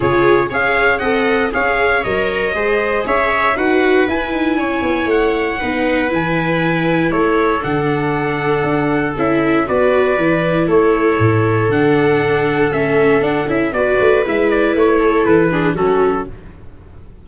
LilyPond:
<<
  \new Staff \with { instrumentName = "trumpet" } { \time 4/4 \tempo 4 = 118 cis''4 f''4 fis''4 f''4 | dis''2 e''4 fis''4 | gis''2 fis''2 | gis''2 cis''4 fis''4~ |
fis''2 e''4 d''4~ | d''4 cis''2 fis''4~ | fis''4 e''4 fis''8 e''8 d''4 | e''8 d''8 cis''4 b'4 a'4 | }
  \new Staff \with { instrumentName = "viola" } { \time 4/4 gis'4 cis''4 dis''4 cis''4~ | cis''4 c''4 cis''4 b'4~ | b'4 cis''2 b'4~ | b'2 a'2~ |
a'2. b'4~ | b'4 a'2.~ | a'2. b'4~ | b'4. a'4 gis'8 fis'4 | }
  \new Staff \with { instrumentName = "viola" } { \time 4/4 f'4 gis'4 a'4 gis'4 | ais'4 gis'2 fis'4 | e'2. dis'4 | e'2. d'4~ |
d'2 e'4 fis'4 | e'2. d'4~ | d'4 cis'4 d'8 e'8 fis'4 | e'2~ e'8 d'8 cis'4 | }
  \new Staff \with { instrumentName = "tuba" } { \time 4/4 cis4 cis'4 c'4 cis'4 | fis4 gis4 cis'4 dis'4 | e'8 dis'8 cis'8 b8 a4 b4 | e2 a4 d4~ |
d4 d'4 cis'4 b4 | e4 a4 a,4 d4~ | d4 a4 d'8 cis'8 b8 a8 | gis4 a4 e4 fis4 | }
>>